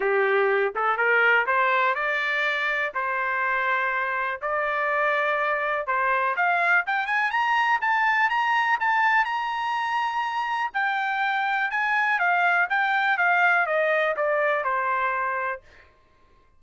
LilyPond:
\new Staff \with { instrumentName = "trumpet" } { \time 4/4 \tempo 4 = 123 g'4. a'8 ais'4 c''4 | d''2 c''2~ | c''4 d''2. | c''4 f''4 g''8 gis''8 ais''4 |
a''4 ais''4 a''4 ais''4~ | ais''2 g''2 | gis''4 f''4 g''4 f''4 | dis''4 d''4 c''2 | }